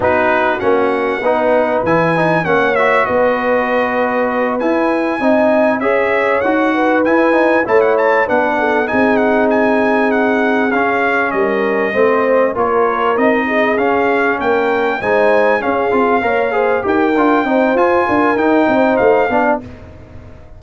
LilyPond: <<
  \new Staff \with { instrumentName = "trumpet" } { \time 4/4 \tempo 4 = 98 b'4 fis''2 gis''4 | fis''8 e''8 dis''2~ dis''8 gis''8~ | gis''4. e''4 fis''4 gis''8~ | gis''8 a''16 fis''16 a''8 fis''4 gis''8 fis''8 gis''8~ |
gis''8 fis''4 f''4 dis''4.~ | dis''8 cis''4 dis''4 f''4 g''8~ | g''8 gis''4 f''2 g''8~ | g''4 gis''4 g''4 f''4 | }
  \new Staff \with { instrumentName = "horn" } { \time 4/4 fis'2 b'2 | cis''4 b'2.~ | b'8 dis''4 cis''4. b'4~ | b'8 cis''4 b'8 a'8 gis'4.~ |
gis'2~ gis'8 ais'4 c''8~ | c''8 ais'4. gis'4. ais'8~ | ais'8 c''4 gis'4 cis''8 c''8 ais'8~ | ais'8 c''4 ais'4 c''4 d''8 | }
  \new Staff \with { instrumentName = "trombone" } { \time 4/4 dis'4 cis'4 dis'4 e'8 dis'8 | cis'8 fis'2. e'8~ | e'8 dis'4 gis'4 fis'4 e'8 | dis'8 e'4 d'4 dis'4.~ |
dis'4. cis'2 c'8~ | c'8 f'4 dis'4 cis'4.~ | cis'8 dis'4 cis'8 f'8 ais'8 gis'8 g'8 | f'8 dis'8 f'4 dis'4. d'8 | }
  \new Staff \with { instrumentName = "tuba" } { \time 4/4 b4 ais4 b4 e4 | ais4 b2~ b8 e'8~ | e'8 c'4 cis'4 dis'4 e'8~ | e'8 a4 b4 c'4.~ |
c'4. cis'4 g4 a8~ | a8 ais4 c'4 cis'4 ais8~ | ais8 gis4 cis'8 c'8 ais4 dis'8 | d'8 c'8 f'8 d'8 dis'8 c'8 a8 b8 | }
>>